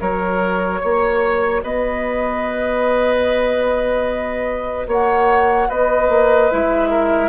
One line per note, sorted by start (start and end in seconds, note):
0.00 0.82 F#3
0.00 6.50 F#4
0.00 0.80 A#4
0.00 1.62 C#5
0.80 1.62 A#3
0.80 1.61 C#5
1.62 4.87 B3
1.62 4.87 B4
1.62 4.87 D#5
4.87 5.68 A#3
4.87 5.69 C#5
4.87 5.70 F#5
5.69 6.09 B3
5.69 6.90 B4
5.69 6.50 D#5
6.09 6.50 A#3
6.50 7.29 G#3
6.50 7.29 E4
6.50 7.29 E5
6.90 7.29 A#4